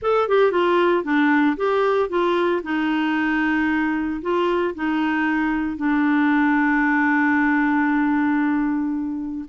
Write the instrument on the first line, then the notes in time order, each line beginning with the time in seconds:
clarinet
0.02 A4
0.28 G4
0.51 F4
1.04 D4
1.56 G4
2.09 F4
2.63 D#4
4.21 F4
4.74 D#4
5.77 D4